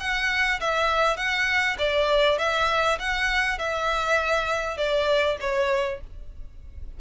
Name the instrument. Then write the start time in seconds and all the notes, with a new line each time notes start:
violin
0.00 F#5
0.60 E5
1.17 F#5
1.78 D5
2.38 E5
2.99 F#5
3.58 E5
4.77 D5
5.40 C#5